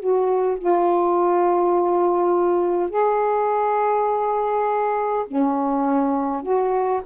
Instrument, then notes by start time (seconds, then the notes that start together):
saxophone
0.00 F#4
0.59 F4
2.90 G#4
5.27 C#4
6.43 F#4